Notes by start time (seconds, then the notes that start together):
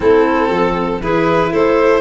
0.00 A3 C4 E4 A4
0.49 F3 A4
1.01 E3 E4 G#4 B4
1.50 A3 A4 C5